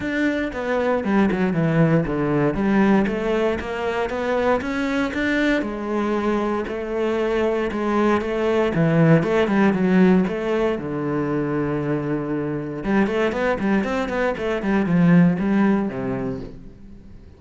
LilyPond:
\new Staff \with { instrumentName = "cello" } { \time 4/4 \tempo 4 = 117 d'4 b4 g8 fis8 e4 | d4 g4 a4 ais4 | b4 cis'4 d'4 gis4~ | gis4 a2 gis4 |
a4 e4 a8 g8 fis4 | a4 d2.~ | d4 g8 a8 b8 g8 c'8 b8 | a8 g8 f4 g4 c4 | }